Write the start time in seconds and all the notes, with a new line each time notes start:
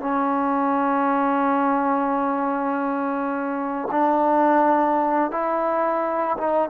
0.00 C#4
3.91 D4
5.31 E4
6.38 D#4